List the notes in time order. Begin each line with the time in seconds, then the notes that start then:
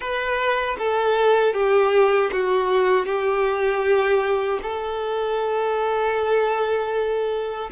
0.00 B4
0.78 A4
1.53 G4
2.32 F#4
3.05 G4
4.62 A4